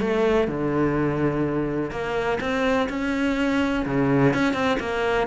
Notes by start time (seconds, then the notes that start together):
0.00 A3
0.48 D3
1.91 A#3
2.40 C4
2.89 C#4
3.86 C#3
4.34 C#4
4.54 C4
4.80 A#3